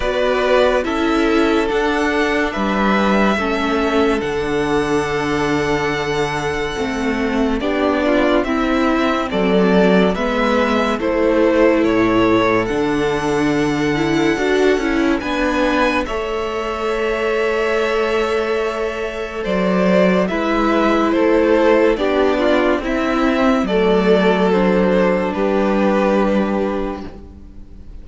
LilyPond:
<<
  \new Staff \with { instrumentName = "violin" } { \time 4/4 \tempo 4 = 71 d''4 e''4 fis''4 e''4~ | e''4 fis''2.~ | fis''4 d''4 e''4 d''4 | e''4 c''4 cis''4 fis''4~ |
fis''2 gis''4 e''4~ | e''2. d''4 | e''4 c''4 d''4 e''4 | d''4 c''4 b'2 | }
  \new Staff \with { instrumentName = "violin" } { \time 4/4 b'4 a'2 b'4 | a'1~ | a'4 g'8 f'8 e'4 a'4 | b'4 a'2.~ |
a'2 b'4 cis''4~ | cis''2. c''4 | b'4 a'4 g'8 f'8 e'4 | a'2 g'2 | }
  \new Staff \with { instrumentName = "viola" } { \time 4/4 fis'4 e'4 d'2 | cis'4 d'2. | c'4 d'4 c'2 | b4 e'2 d'4~ |
d'8 e'8 fis'8 e'8 d'4 a'4~ | a'1 | e'2 d'4 c'4 | a4 d'2. | }
  \new Staff \with { instrumentName = "cello" } { \time 4/4 b4 cis'4 d'4 g4 | a4 d2. | a4 b4 c'4 fis4 | gis4 a4 a,4 d4~ |
d4 d'8 cis'8 b4 a4~ | a2. fis4 | gis4 a4 b4 c'4 | fis2 g2 | }
>>